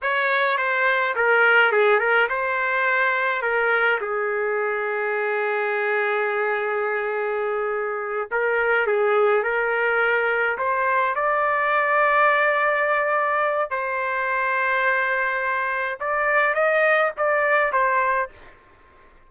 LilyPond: \new Staff \with { instrumentName = "trumpet" } { \time 4/4 \tempo 4 = 105 cis''4 c''4 ais'4 gis'8 ais'8 | c''2 ais'4 gis'4~ | gis'1~ | gis'2~ gis'8 ais'4 gis'8~ |
gis'8 ais'2 c''4 d''8~ | d''1 | c''1 | d''4 dis''4 d''4 c''4 | }